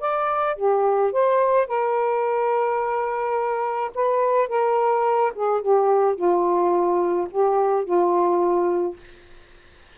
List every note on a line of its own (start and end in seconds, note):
0.00 0.56 D5
0.56 1.12 G4
1.12 1.66 C5
1.66 3.91 A#4
3.94 4.48 B4
4.48 5.32 A#4
5.34 5.61 G#4
5.61 6.15 G4
6.15 7.27 F4
7.30 7.84 G4
7.84 8.96 F4